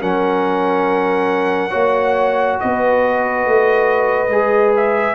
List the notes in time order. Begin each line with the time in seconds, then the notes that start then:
0.00 F#3 C#4 A#4 F#5
1.70 A#3 F#4 C#5
2.60 B3 B4 D#5
3.46 A3
4.29 G#3 G#4
4.76 E5